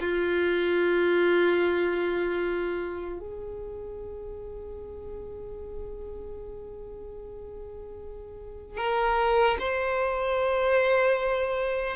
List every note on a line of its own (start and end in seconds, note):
0.00 3.19 F4
3.19 8.77 G#4
8.77 9.57 A#4
9.59 11.96 C5